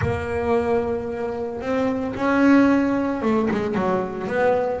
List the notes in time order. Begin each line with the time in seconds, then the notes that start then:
0.01 A#3
1.61 C4
2.15 C#4
3.21 A3
3.50 G#3
3.74 F#3
4.27 B3